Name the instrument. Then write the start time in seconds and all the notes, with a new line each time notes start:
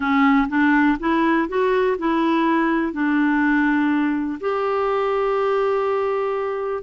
clarinet
0.00 C#4
0.49 D4
0.99 E4
1.48 F#4
1.98 E4
2.92 D4
4.40 G4